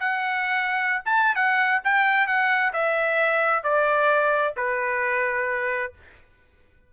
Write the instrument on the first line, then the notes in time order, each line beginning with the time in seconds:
trumpet
0.00 F#5
1.06 A5
1.36 F#5
1.85 G5
2.27 F#5
2.73 E5
3.64 D5
4.57 B4